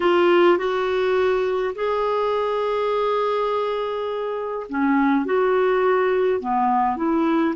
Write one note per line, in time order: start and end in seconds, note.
0.00 0.58 F4
0.58 1.74 F#4
1.75 4.66 G#4
4.69 5.25 C#4
5.25 6.40 F#4
6.40 6.96 B3
6.96 7.54 E4